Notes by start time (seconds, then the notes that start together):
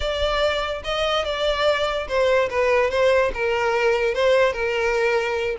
0.00 D5
0.84 D#5
1.24 D5
2.07 C5
2.50 B4
2.90 C5
3.33 A#4
4.14 C5
4.52 A#4